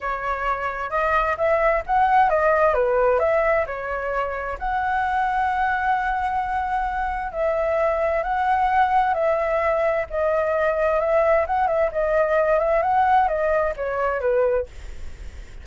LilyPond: \new Staff \with { instrumentName = "flute" } { \time 4/4 \tempo 4 = 131 cis''2 dis''4 e''4 | fis''4 dis''4 b'4 e''4 | cis''2 fis''2~ | fis''1 |
e''2 fis''2 | e''2 dis''2 | e''4 fis''8 e''8 dis''4. e''8 | fis''4 dis''4 cis''4 b'4 | }